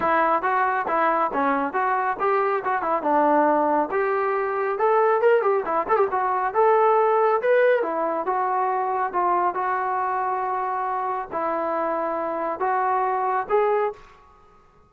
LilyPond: \new Staff \with { instrumentName = "trombone" } { \time 4/4 \tempo 4 = 138 e'4 fis'4 e'4 cis'4 | fis'4 g'4 fis'8 e'8 d'4~ | d'4 g'2 a'4 | ais'8 g'8 e'8 a'16 g'16 fis'4 a'4~ |
a'4 b'4 e'4 fis'4~ | fis'4 f'4 fis'2~ | fis'2 e'2~ | e'4 fis'2 gis'4 | }